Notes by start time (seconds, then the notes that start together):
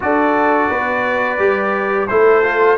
0.00 D4 F#4 A4 D5
0.69 B3 B4
1.38 G3 G4
2.07 A3 E4 A4 C5
2.43 F4